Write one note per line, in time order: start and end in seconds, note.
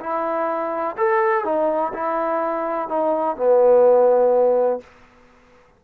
0.00 0.96 E4
0.97 1.44 A4
1.44 1.92 D#4
1.94 2.88 E4
2.88 3.36 D#4
3.36 4.80 B3